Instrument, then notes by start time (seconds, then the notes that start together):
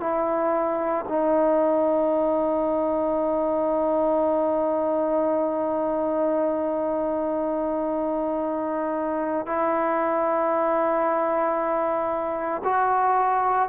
trombone
0.00 E4
1.09 D#4
9.46 E4
12.64 F#4